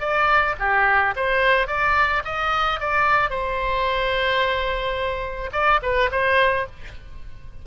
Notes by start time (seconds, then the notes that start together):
0.00 D5
0.60 G4
1.16 C5
1.67 D5
2.25 D#5
2.80 D5
3.30 C5
5.53 D5
5.83 B4
6.12 C5